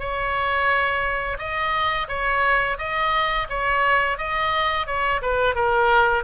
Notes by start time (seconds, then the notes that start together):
0.00 C#5
1.39 D#5
2.09 C#5
2.79 D#5
3.50 C#5
4.18 D#5
4.87 C#5
5.22 B4
5.55 A#4